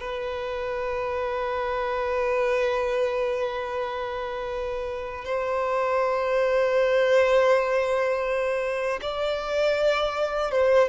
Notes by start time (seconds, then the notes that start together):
0.00 B4
5.25 C5
9.02 D5
10.51 C5